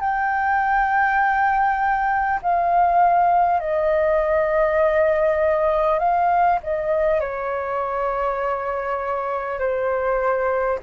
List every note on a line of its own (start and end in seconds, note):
0.00 2.40 G5
2.42 3.59 F5
3.59 5.98 D#5
5.98 6.58 F5
6.63 7.20 D#5
7.20 9.59 C#5
9.59 10.79 C5